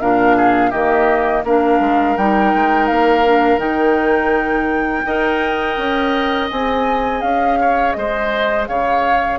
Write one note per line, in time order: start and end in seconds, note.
0.00 0.73 A#2
0.00 0.73 D4
0.00 0.37 A#4
0.00 0.71 F5
0.37 0.70 G#4
0.70 1.44 D#3
0.70 1.45 A#3
0.70 1.42 G4
0.70 1.43 D#5
1.44 1.80 A#3
1.44 2.18 D4
1.44 5.06 A#4
1.44 2.17 F5
1.80 2.16 G#3
2.17 2.53 G3
2.17 3.25 D#4
2.17 2.87 G5
2.54 2.90 G#3
2.87 3.57 A#3
2.87 3.59 F5
3.25 3.58 D4
3.57 5.02 D#3
3.57 5.02 D#4
3.57 6.48 G5
5.06 5.77 D#4
5.06 6.51 A#4
5.06 7.59 D#5
5.77 6.50 C#4
6.50 7.22 C4
6.50 9.39 G#4
6.50 7.21 G#5
7.21 7.94 C#4
7.21 7.93 F5
7.60 7.96 C#5
7.93 8.68 G#3
7.93 8.69 C5
7.93 8.65 D#5
8.67 9.39 C#3
8.67 9.39 C#5
8.67 9.39 F5